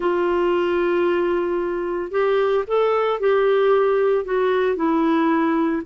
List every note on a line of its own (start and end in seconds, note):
0.00 2.11 F4
2.11 2.64 G4
2.67 3.20 A4
3.20 4.24 G4
4.24 4.76 F#4
4.76 5.82 E4